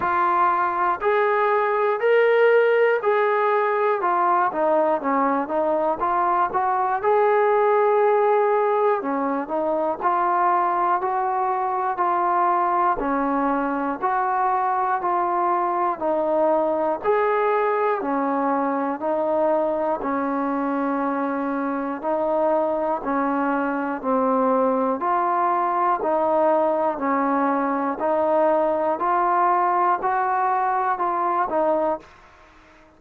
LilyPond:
\new Staff \with { instrumentName = "trombone" } { \time 4/4 \tempo 4 = 60 f'4 gis'4 ais'4 gis'4 | f'8 dis'8 cis'8 dis'8 f'8 fis'8 gis'4~ | gis'4 cis'8 dis'8 f'4 fis'4 | f'4 cis'4 fis'4 f'4 |
dis'4 gis'4 cis'4 dis'4 | cis'2 dis'4 cis'4 | c'4 f'4 dis'4 cis'4 | dis'4 f'4 fis'4 f'8 dis'8 | }